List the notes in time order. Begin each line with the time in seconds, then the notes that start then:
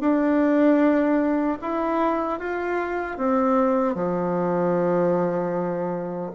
0.00 D4
1.61 E4
2.39 F4
3.18 C4
3.94 F3